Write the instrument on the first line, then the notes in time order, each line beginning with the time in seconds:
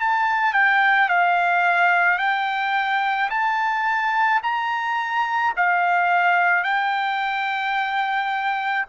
trumpet
0.00 A5
0.54 G5
1.09 F5
2.18 G5
3.30 A5
4.43 A#5
5.56 F5
6.64 G5